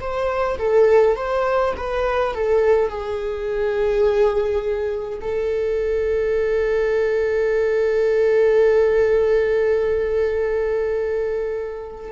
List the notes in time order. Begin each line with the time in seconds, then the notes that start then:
0.00 C5
0.58 A4
1.16 C5
1.77 B4
2.34 A4
2.88 G#4
5.21 A4